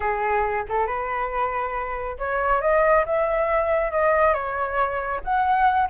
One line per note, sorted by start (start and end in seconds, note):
0.00 0.64 G#4
0.68 0.87 A4
0.87 2.17 B4
2.18 2.61 C#5
2.61 3.04 D#5
3.05 3.91 E5
3.91 4.33 D#5
4.33 5.20 C#5
5.24 5.89 F#5